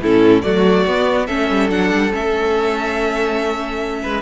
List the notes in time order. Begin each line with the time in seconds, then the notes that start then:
0.00 A2 C#4 E4 A4
0.41 F#3 A3 F#4 D5
0.86 B3
1.27 A3 C#4 A4 E5
1.50 G3
1.69 F#3 D4 F#5
1.91 G3
2.11 A3 C#4 E5
4.02 G#3 B4